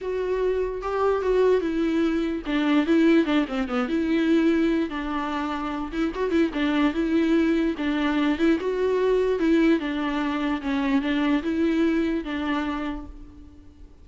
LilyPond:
\new Staff \with { instrumentName = "viola" } { \time 4/4 \tempo 4 = 147 fis'2 g'4 fis'4 | e'2 d'4 e'4 | d'8 c'8 b8 e'2~ e'8 | d'2~ d'8 e'8 fis'8 e'8 |
d'4 e'2 d'4~ | d'8 e'8 fis'2 e'4 | d'2 cis'4 d'4 | e'2 d'2 | }